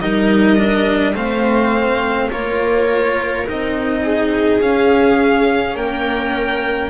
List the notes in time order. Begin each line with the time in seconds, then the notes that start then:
0.00 G3 D#4 A#4 D#5
0.57 D4
1.14 A3 C4 C5 F5
2.30 A#3 F4 A#4 C#5
3.46 C4 D#4 D#5
4.04 G#4
4.61 C#4 F5
5.75 A#3 A#4 G5